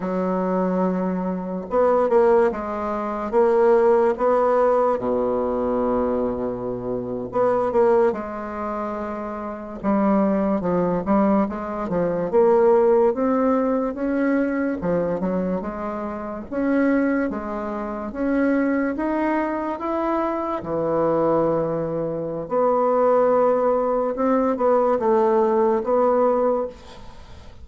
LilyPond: \new Staff \with { instrumentName = "bassoon" } { \time 4/4 \tempo 4 = 72 fis2 b8 ais8 gis4 | ais4 b4 b,2~ | b,8. b8 ais8 gis2 g16~ | g8. f8 g8 gis8 f8 ais4 c'16~ |
c'8. cis'4 f8 fis8 gis4 cis'16~ | cis'8. gis4 cis'4 dis'4 e'16~ | e'8. e2~ e16 b4~ | b4 c'8 b8 a4 b4 | }